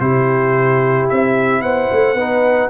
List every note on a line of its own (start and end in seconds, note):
0.00 1.08 C3
0.00 2.17 E4
0.00 1.63 G4
0.00 1.08 C5
1.09 1.62 C4
1.09 1.62 E5
1.62 1.89 B3
1.62 2.16 C5
1.62 2.70 F#5
1.92 2.15 A3
2.15 2.69 B3
2.15 2.70 D#4
2.15 2.70 B4